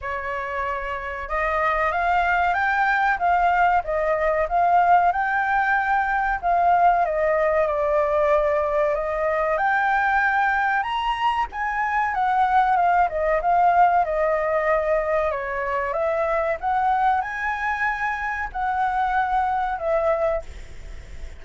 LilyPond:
\new Staff \with { instrumentName = "flute" } { \time 4/4 \tempo 4 = 94 cis''2 dis''4 f''4 | g''4 f''4 dis''4 f''4 | g''2 f''4 dis''4 | d''2 dis''4 g''4~ |
g''4 ais''4 gis''4 fis''4 | f''8 dis''8 f''4 dis''2 | cis''4 e''4 fis''4 gis''4~ | gis''4 fis''2 e''4 | }